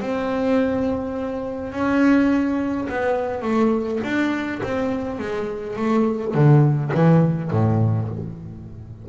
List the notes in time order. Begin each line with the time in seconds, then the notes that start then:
0.00 C4
1.72 C#4
2.89 B3
3.42 A3
4.04 D4
4.63 C4
5.19 G#3
5.77 A3
6.34 D3
6.94 E3
7.51 A2